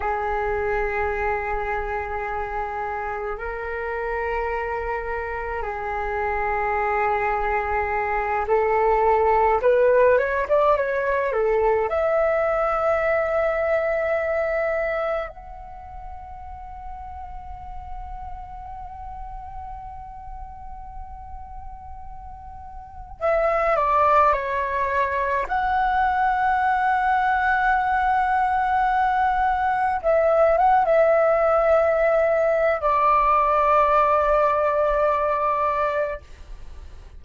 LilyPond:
\new Staff \with { instrumentName = "flute" } { \time 4/4 \tempo 4 = 53 gis'2. ais'4~ | ais'4 gis'2~ gis'8 a'8~ | a'8 b'8 cis''16 d''16 cis''8 a'8 e''4.~ | e''4. fis''2~ fis''8~ |
fis''1~ | fis''8 e''8 d''8 cis''4 fis''4.~ | fis''2~ fis''8 e''8 fis''16 e''8.~ | e''4 d''2. | }